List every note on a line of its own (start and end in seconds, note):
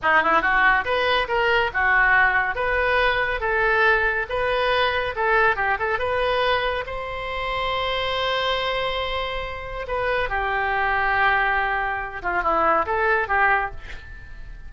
0.02 0.22 D#4
0.22 0.41 E4
0.41 0.84 F#4
0.84 1.27 B4
1.28 1.70 A#4
1.73 2.55 F#4
2.55 3.40 B4
3.40 4.26 A4
4.29 5.14 B4
5.15 5.56 A4
5.56 5.77 G4
5.79 5.98 A4
5.98 6.84 B4
6.86 9.86 C5
9.87 10.29 B4
10.29 12.21 G4
12.22 12.42 F4
12.42 12.85 E4
12.86 13.28 A4
13.28 13.70 G4